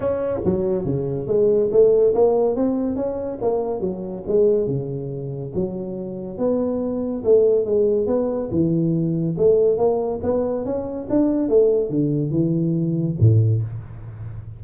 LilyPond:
\new Staff \with { instrumentName = "tuba" } { \time 4/4 \tempo 4 = 141 cis'4 fis4 cis4 gis4 | a4 ais4 c'4 cis'4 | ais4 fis4 gis4 cis4~ | cis4 fis2 b4~ |
b4 a4 gis4 b4 | e2 a4 ais4 | b4 cis'4 d'4 a4 | d4 e2 a,4 | }